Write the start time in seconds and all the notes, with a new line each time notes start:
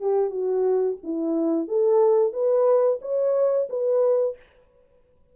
0.00 G4
0.30 F#4
1.03 E4
1.68 A4
2.33 B4
3.01 C#5
3.69 B4